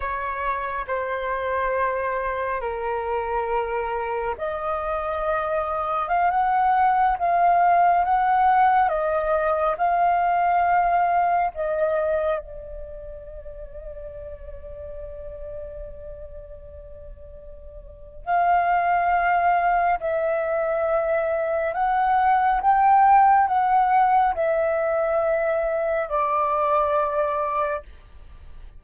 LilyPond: \new Staff \with { instrumentName = "flute" } { \time 4/4 \tempo 4 = 69 cis''4 c''2 ais'4~ | ais'4 dis''2 f''16 fis''8.~ | fis''16 f''4 fis''4 dis''4 f''8.~ | f''4~ f''16 dis''4 d''4.~ d''16~ |
d''1~ | d''4 f''2 e''4~ | e''4 fis''4 g''4 fis''4 | e''2 d''2 | }